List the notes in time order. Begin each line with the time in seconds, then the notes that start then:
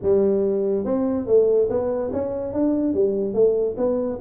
0.02 G3
0.84 C4
1.26 A3
1.69 B3
2.12 C#4
2.53 D4
2.94 G3
3.34 A3
3.77 B3